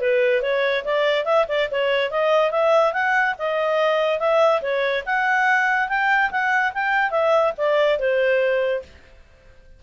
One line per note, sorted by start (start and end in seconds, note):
0.00 0.42 B4
0.42 0.84 C#5
0.84 1.25 D5
1.25 1.46 E5
1.48 1.69 D5
1.71 2.10 C#5
2.10 2.51 D#5
2.51 2.93 E5
2.93 3.35 F#5
3.38 4.19 D#5
4.19 4.61 E5
4.62 5.03 C#5
5.06 5.88 F#5
5.88 6.30 G5
6.31 6.72 F#5
6.73 7.10 G5
7.10 7.52 E5
7.57 7.99 D5
7.99 8.82 C5